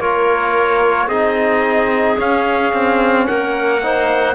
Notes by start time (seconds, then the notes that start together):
0.00 A#3 F4 A#4 C#5
1.07 C4 D#4 G#4 D#5
2.17 C#4 F5
2.73 C4
3.27 A#3 A#4 F#5
3.83 D#4 C5